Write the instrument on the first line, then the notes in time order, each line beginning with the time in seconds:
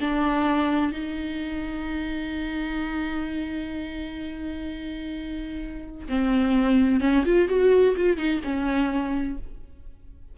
viola
0.00 D4
0.92 D#4
6.08 C4
7.00 C#4
7.25 F4
7.48 F#4
7.96 F4
8.17 D#4
8.44 C#4